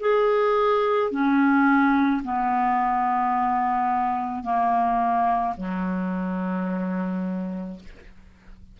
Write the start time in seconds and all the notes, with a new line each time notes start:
0.00 G#4
1.11 C#4
2.23 B3
4.43 A#3
5.57 F#3